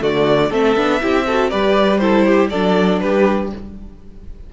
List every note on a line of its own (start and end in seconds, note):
0.00 0.51 D3
0.00 0.50 A3
0.00 0.50 F#4
0.00 0.53 D5
0.50 0.76 A3
0.50 0.77 C4
0.50 1.00 A4
0.50 1.50 E5
0.76 1.01 B3
0.76 1.01 D4
1.01 1.53 C4
1.01 1.26 E4
1.01 1.27 G4
1.27 1.51 F#4
1.27 1.51 A4
1.50 2.53 G3
1.50 2.01 G4
1.50 2.01 B4
1.50 1.98 D5
1.98 2.51 E4
1.98 2.26 A4
1.98 2.48 C5
2.26 2.51 G4
2.50 3.03 F#3
2.50 3.53 D4
2.50 3.01 A4
2.50 3.00 D5
3.00 3.53 G3
3.00 3.53 G4
3.00 3.50 B4